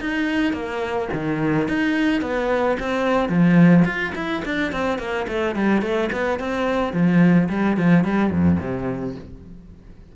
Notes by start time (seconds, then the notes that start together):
0.00 D#4
0.53 A#3
1.13 D#3
1.68 D#4
2.21 B3
2.79 C4
3.29 F3
3.85 F4
4.15 E4
4.45 D4
4.72 C4
4.99 A#3
5.28 A3
5.56 G3
5.82 A3
6.12 B3
6.39 C4
6.93 F3
7.49 G3
7.77 F3
8.04 G3
8.31 F2
8.60 C3